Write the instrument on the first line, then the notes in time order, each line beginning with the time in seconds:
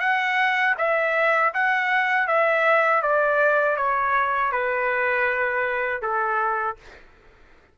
trumpet
0.00 F#5
0.78 E5
1.54 F#5
2.27 E5
3.02 D5
3.77 C#5
4.52 B4
6.02 A4